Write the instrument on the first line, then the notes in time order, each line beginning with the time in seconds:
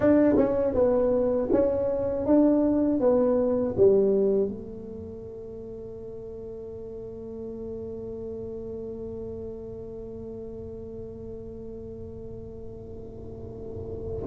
tuba
0.00 D4
0.36 C#4
0.74 B3
1.52 C#4
2.26 D4
3.00 B3
3.76 G3
4.48 A3